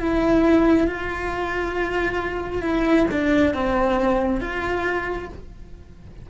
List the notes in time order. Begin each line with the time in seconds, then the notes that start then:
0.00 E4
0.88 F4
2.62 E4
3.11 D4
3.54 C4
4.41 F4